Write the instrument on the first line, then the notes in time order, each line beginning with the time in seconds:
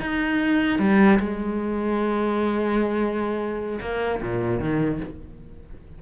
cello
0.00 D#4
0.79 G3
1.20 G#3
3.81 A#3
4.22 A#2
4.60 D#3